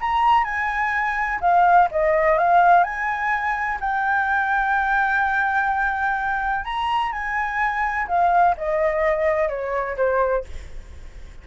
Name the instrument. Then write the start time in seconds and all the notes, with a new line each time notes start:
flute
0.00 A#5
0.44 G#5
1.40 F5
1.91 D#5
2.38 F5
2.83 G#5
3.80 G5
6.65 A#5
7.12 G#5
8.07 F5
8.57 D#5
9.48 C#5
9.97 C5